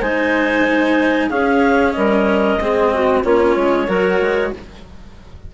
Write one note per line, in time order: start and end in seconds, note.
0.00 1.30 G#3
0.00 1.31 D#4
0.00 1.29 C5
0.00 1.30 G#5
1.29 1.95 C#4
1.29 2.60 C#4
1.29 1.94 G#4
1.29 1.92 F5
1.92 2.57 G3
1.92 2.61 A#4
1.92 3.21 D#5
2.57 3.21 G#3
2.57 3.24 C4
2.57 2.93 G#4
2.94 3.24 F#4
3.24 3.56 A#3
3.24 3.88 C#4
3.24 3.86 F4
3.24 4.54 C#5
3.56 3.88 G#3
3.86 4.20 F#3
3.86 4.52 F#4
3.86 4.51 A#4
4.21 4.53 G#3